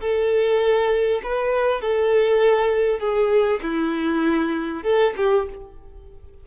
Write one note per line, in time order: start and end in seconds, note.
0.00 1.21 A4
1.23 1.81 B4
1.81 2.99 A4
2.99 3.60 G#4
3.62 4.83 E4
4.83 5.13 A4
5.17 5.47 G4